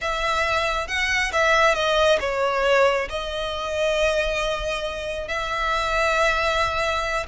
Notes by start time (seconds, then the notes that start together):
0.01 E5
0.87 F#5
1.32 E5
1.74 D#5
2.20 C#5
3.09 D#5
5.27 E5